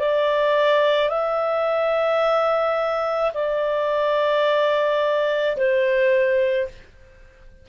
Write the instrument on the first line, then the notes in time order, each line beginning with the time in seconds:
clarinet
0.00 D5
1.10 E5
3.34 D5
5.57 C5